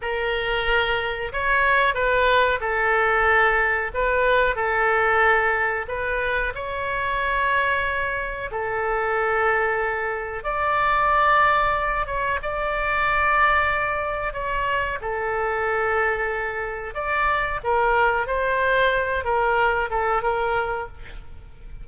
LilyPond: \new Staff \with { instrumentName = "oboe" } { \time 4/4 \tempo 4 = 92 ais'2 cis''4 b'4 | a'2 b'4 a'4~ | a'4 b'4 cis''2~ | cis''4 a'2. |
d''2~ d''8 cis''8 d''4~ | d''2 cis''4 a'4~ | a'2 d''4 ais'4 | c''4. ais'4 a'8 ais'4 | }